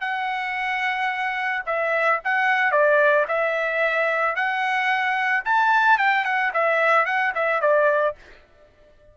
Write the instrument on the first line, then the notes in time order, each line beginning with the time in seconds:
trumpet
0.00 F#5
1.65 E5
2.24 F#5
2.71 D5
3.28 E5
4.35 F#5
5.44 A5
5.98 G5
6.24 F#5
6.53 E5
7.05 F#5
7.34 E5
7.61 D5